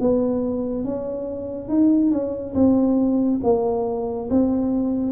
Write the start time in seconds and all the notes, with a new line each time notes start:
0.00 B3
0.84 C#4
1.68 D#4
2.11 C#4
2.54 C4
3.44 A#3
4.30 C4